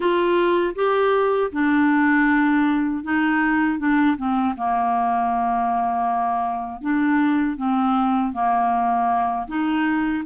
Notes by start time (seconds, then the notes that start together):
0.00 F4
0.75 G4
1.52 D4
3.03 D#4
3.78 D4
4.17 C4
4.56 A#3
6.81 D4
7.56 C4
8.32 A#3
9.47 D#4